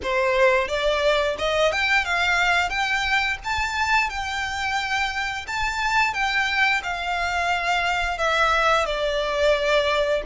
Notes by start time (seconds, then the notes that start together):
0.02 C5
0.68 D5
1.38 D#5
1.71 G5
2.05 F5
2.69 G5
3.43 A5
4.09 G5
5.47 A5
6.13 G5
6.83 F5
8.18 E5
8.85 D5